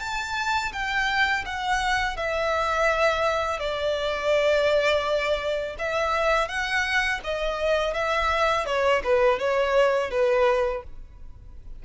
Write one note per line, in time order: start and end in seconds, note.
0.00 0.72 A5
0.73 1.45 G5
1.46 2.17 F#5
2.17 3.59 E5
3.59 5.76 D5
5.79 6.48 E5
6.48 7.20 F#5
7.24 7.94 D#5
7.94 8.66 E5
8.66 9.02 C#5
9.04 9.39 B4
9.39 10.11 C#5
10.11 10.83 B4